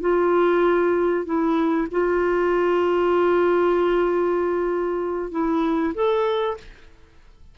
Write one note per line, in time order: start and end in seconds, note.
0.00 1.25 F4
1.25 1.87 E4
1.91 5.31 F4
5.31 5.93 E4
5.94 6.57 A4